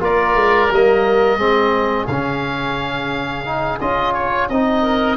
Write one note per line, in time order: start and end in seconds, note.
0.00 0.35 A#3
0.00 0.69 F4
0.00 1.39 A#4
0.00 0.73 D5
0.35 0.69 G#3
0.70 1.37 G3
0.70 1.39 A#3
0.70 2.07 D#5
1.37 2.06 G#3
1.37 2.07 C4
1.37 4.82 G#4
2.07 3.80 C#3
2.07 3.45 C#4
2.07 3.79 F5
3.45 3.79 D#4
3.80 4.49 C#4
3.80 4.50 F4
3.80 4.13 D#5
4.13 4.48 C#5
4.49 5.17 C4
4.49 5.17 D#4
4.49 5.17 D#5
4.82 5.17 A#4